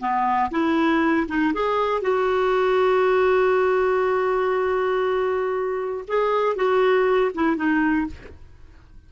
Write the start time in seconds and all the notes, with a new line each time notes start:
0.00 B3
0.51 E4
1.28 D#4
1.54 G#4
2.01 F#4
6.07 G#4
6.55 F#4
7.34 E4
7.56 D#4